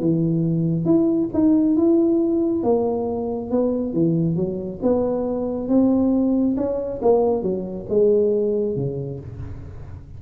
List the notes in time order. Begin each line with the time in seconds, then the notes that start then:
0.00 E3
0.85 E4
1.33 D#4
1.76 E4
2.63 A#3
3.51 B3
3.93 E3
4.36 F#3
4.82 B3
5.68 C4
6.57 C#4
7.02 A#3
7.42 F#3
7.89 G#3
8.76 C#3